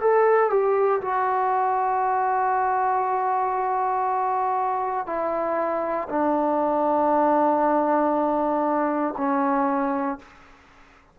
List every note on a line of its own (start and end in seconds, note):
0.00 0.50 A4
0.50 1.01 G4
1.01 5.06 F#4
5.06 6.08 E4
6.09 9.14 D4
9.17 10.19 C#4